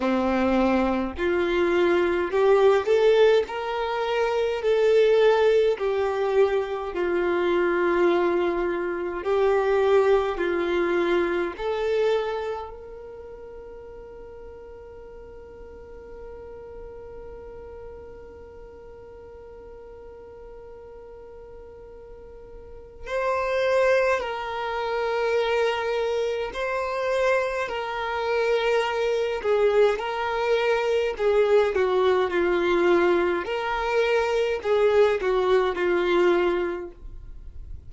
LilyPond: \new Staff \with { instrumentName = "violin" } { \time 4/4 \tempo 4 = 52 c'4 f'4 g'8 a'8 ais'4 | a'4 g'4 f'2 | g'4 f'4 a'4 ais'4~ | ais'1~ |
ais'1 | c''4 ais'2 c''4 | ais'4. gis'8 ais'4 gis'8 fis'8 | f'4 ais'4 gis'8 fis'8 f'4 | }